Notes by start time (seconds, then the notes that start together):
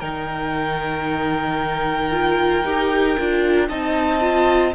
0.00 D#3 D#4 A#4 G5
2.12 F4
2.65 D#4 G4
3.19 D4 F4
3.69 C4 D#4 D#5 A5
4.21 F4